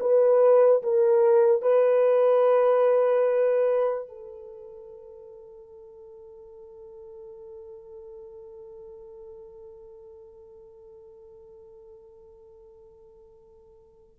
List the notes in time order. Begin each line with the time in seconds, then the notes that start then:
0.00 B4
0.83 A#4
1.62 B4
4.08 A4